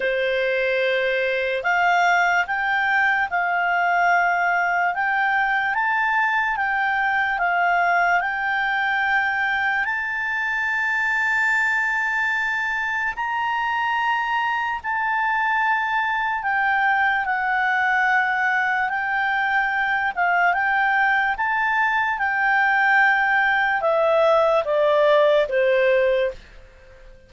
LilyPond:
\new Staff \with { instrumentName = "clarinet" } { \time 4/4 \tempo 4 = 73 c''2 f''4 g''4 | f''2 g''4 a''4 | g''4 f''4 g''2 | a''1 |
ais''2 a''2 | g''4 fis''2 g''4~ | g''8 f''8 g''4 a''4 g''4~ | g''4 e''4 d''4 c''4 | }